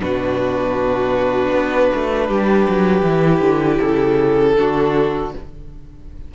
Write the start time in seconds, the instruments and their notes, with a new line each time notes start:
0.00 cello B2, viola D4, violin F#4 B4
1.52 cello B3
1.94 cello A3
2.27 cello G3, violin G4
2.68 cello F#3
3.02 cello E3, viola E4
3.40 cello D3
3.79 cello C#3, violin A4
4.55 cello D3, viola D4, violin F#4